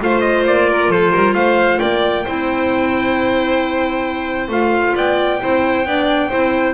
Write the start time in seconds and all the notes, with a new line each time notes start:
0.00 A3 F4 C5 F5
0.21 D#5
0.46 A#3 D5
0.69 A#4
0.89 F3 A4 C5
1.11 G3 A#4
1.34 A3 C5 F5
1.79 A#3 D5 G5
2.24 C4 E4 C5
4.49 A3 F4 F5
4.95 B3 D5 G5
5.40 C4 E4 C5
5.85 B3 D4 D5
6.29 C4 E4 C5